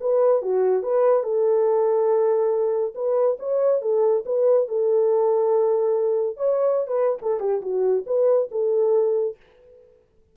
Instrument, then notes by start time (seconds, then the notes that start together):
horn
0.00 B4
0.42 F#4
0.83 B4
1.23 A4
2.95 B4
3.39 C#5
3.81 A4
4.25 B4
4.68 A4
6.37 C#5
6.87 B4
7.22 A4
7.40 G4
7.62 F#4
8.06 B4
8.51 A4